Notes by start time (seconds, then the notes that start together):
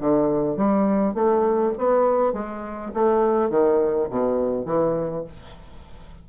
0.00 D3
0.57 G3
1.14 A3
1.78 B3
2.33 G#3
2.94 A3
3.50 D#3
4.09 B2
4.66 E3